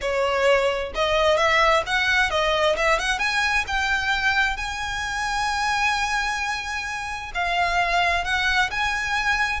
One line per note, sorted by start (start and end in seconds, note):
0.01 0.92 C#5
0.94 1.37 D#5
1.37 1.83 E5
1.86 2.30 F#5
2.30 2.76 D#5
2.76 2.98 E5
2.98 3.18 F#5
3.18 3.64 G#5
3.67 4.57 G5
4.57 7.31 G#5
7.34 8.24 F5
8.24 8.70 F#5
8.70 9.60 G#5